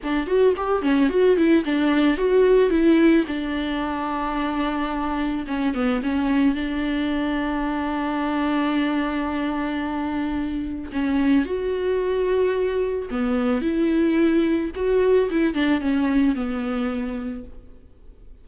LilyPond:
\new Staff \with { instrumentName = "viola" } { \time 4/4 \tempo 4 = 110 d'8 fis'8 g'8 cis'8 fis'8 e'8 d'4 | fis'4 e'4 d'2~ | d'2 cis'8 b8 cis'4 | d'1~ |
d'1 | cis'4 fis'2. | b4 e'2 fis'4 | e'8 d'8 cis'4 b2 | }